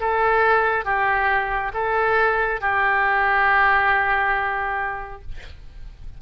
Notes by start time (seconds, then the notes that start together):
0.00 A4
0.85 G4
1.74 A4
2.61 G4